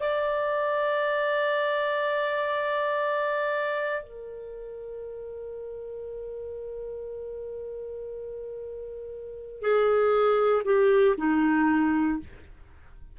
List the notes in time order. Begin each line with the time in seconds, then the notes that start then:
0.00 D5
4.04 A#4
9.61 G#4
10.65 G4
11.18 D#4